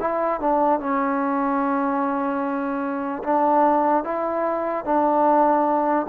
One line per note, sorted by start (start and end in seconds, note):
0.00 0.41 E4
0.41 0.80 D4
0.80 3.23 C#4
3.24 4.04 D4
4.04 4.85 E4
4.85 6.06 D4